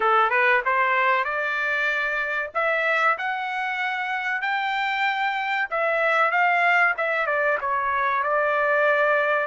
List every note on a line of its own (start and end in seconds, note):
0.00 0.30 A4
0.30 0.61 B4
0.65 1.24 C5
1.24 2.50 D5
2.54 3.17 E5
3.18 4.41 F#5
4.41 5.68 G5
5.70 6.31 E5
6.31 6.94 F5
6.97 7.26 E5
7.26 7.58 D5
7.60 8.23 C#5
8.23 9.46 D5